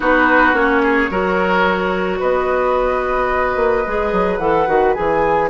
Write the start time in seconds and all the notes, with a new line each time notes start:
0.00 B3 D#4 F#4 B4
0.53 A#3 C#4 C#5
0.82 G#4
1.10 F#3 F#4 A#4
2.19 B3 B4 D#5
3.56 A#3
3.86 G#3 G#4
4.12 F#3
4.38 E3 A4 F#5
4.67 D#3 F#4
4.94 E3 G#4 G#5